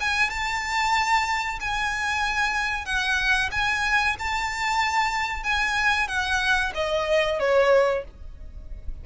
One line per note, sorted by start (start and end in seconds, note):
0.00 0.29 G#5
0.29 1.58 A5
1.60 2.85 G#5
2.85 3.49 F#5
3.51 4.16 G#5
4.19 5.43 A5
5.43 6.07 G#5
6.07 6.72 F#5
6.74 7.39 D#5
7.39 8.04 C#5